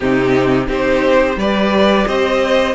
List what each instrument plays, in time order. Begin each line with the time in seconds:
0.00 cello C3, viola C4, violin D#4 G4
0.67 cello C4, viola D#4, violin G4 C5
1.36 cello G3, viola G4, violin B4 D5
2.06 cello C4, violin C5 D#5